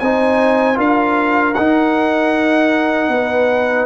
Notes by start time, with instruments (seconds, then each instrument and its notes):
0.00 tuba C4, trombone D#4, horn C5, trumpet G#5
0.75 tuba D4, trombone F4, horn A#4, trumpet F5
1.54 tuba D#4, trombone D#4, trumpet F#5
3.09 tuba B3, horn B4